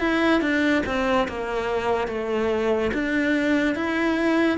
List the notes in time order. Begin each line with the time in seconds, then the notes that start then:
0.00 E4
0.41 D4
0.86 C4
1.28 A#3
2.08 A3
2.94 D4
3.75 E4